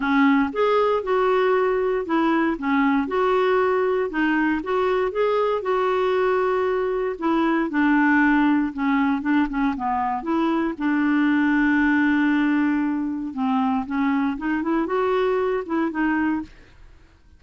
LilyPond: \new Staff \with { instrumentName = "clarinet" } { \time 4/4 \tempo 4 = 117 cis'4 gis'4 fis'2 | e'4 cis'4 fis'2 | dis'4 fis'4 gis'4 fis'4~ | fis'2 e'4 d'4~ |
d'4 cis'4 d'8 cis'8 b4 | e'4 d'2.~ | d'2 c'4 cis'4 | dis'8 e'8 fis'4. e'8 dis'4 | }